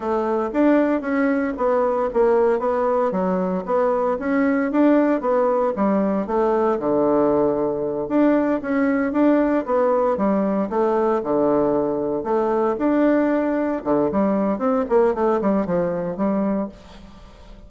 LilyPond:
\new Staff \with { instrumentName = "bassoon" } { \time 4/4 \tempo 4 = 115 a4 d'4 cis'4 b4 | ais4 b4 fis4 b4 | cis'4 d'4 b4 g4 | a4 d2~ d8 d'8~ |
d'8 cis'4 d'4 b4 g8~ | g8 a4 d2 a8~ | a8 d'2 d8 g4 | c'8 ais8 a8 g8 f4 g4 | }